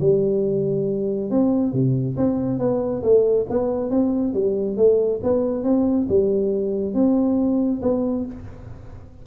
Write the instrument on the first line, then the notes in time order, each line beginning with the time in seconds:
tuba
0.00 G3
1.30 C4
1.73 C3
2.17 C4
2.59 B3
3.03 A3
3.50 B3
3.91 C4
4.34 G3
4.77 A3
5.24 B3
5.64 C4
6.09 G3
6.94 C4
7.82 B3